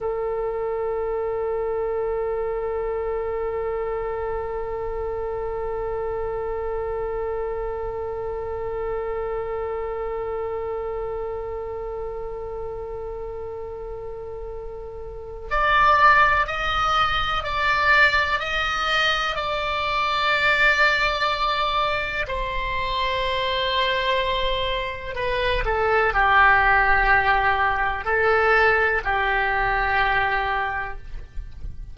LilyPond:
\new Staff \with { instrumentName = "oboe" } { \time 4/4 \tempo 4 = 62 a'1~ | a'1~ | a'1~ | a'1 |
d''4 dis''4 d''4 dis''4 | d''2. c''4~ | c''2 b'8 a'8 g'4~ | g'4 a'4 g'2 | }